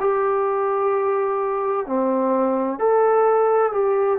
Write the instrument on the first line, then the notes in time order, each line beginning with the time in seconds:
trombone
0.00 G4
1.86 C4
2.79 A4
3.72 G4